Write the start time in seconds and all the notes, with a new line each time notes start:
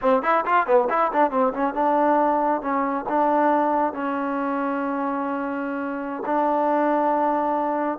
0.01 C4
0.22 E4
0.45 F4
0.66 B3
0.89 E4
1.12 D4
1.30 C4
1.53 C#4
1.74 D4
2.61 C#4
3.09 D4
3.93 C#4
6.25 D4